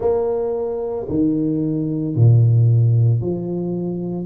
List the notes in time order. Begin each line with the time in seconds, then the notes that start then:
0.00 A#3
1.08 D#3
2.15 A#2
3.20 F3